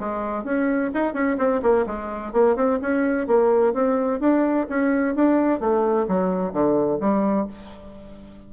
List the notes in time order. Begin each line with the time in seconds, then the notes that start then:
0.00 G#3
0.45 C#4
0.94 D#4
1.14 C#4
1.38 C4
1.63 A#3
1.87 G#3
2.33 A#3
2.56 C4
2.82 C#4
3.27 A#3
3.74 C4
4.20 D4
4.69 C#4
5.16 D4
5.60 A3
6.08 F#3
6.53 D3
7.01 G3